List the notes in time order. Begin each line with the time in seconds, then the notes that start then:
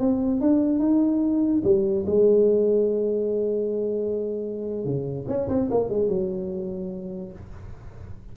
0.00 C4
0.41 D4
0.80 D#4
1.64 G3
2.07 G#3
4.85 C#3
5.28 C#4
5.49 C4
5.71 A#3
5.90 G#3
6.08 F#3